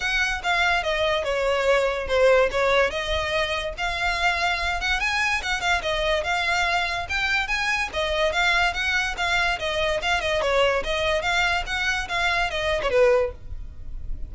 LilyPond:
\new Staff \with { instrumentName = "violin" } { \time 4/4 \tempo 4 = 144 fis''4 f''4 dis''4 cis''4~ | cis''4 c''4 cis''4 dis''4~ | dis''4 f''2~ f''8 fis''8 | gis''4 fis''8 f''8 dis''4 f''4~ |
f''4 g''4 gis''4 dis''4 | f''4 fis''4 f''4 dis''4 | f''8 dis''8 cis''4 dis''4 f''4 | fis''4 f''4 dis''8. cis''16 b'4 | }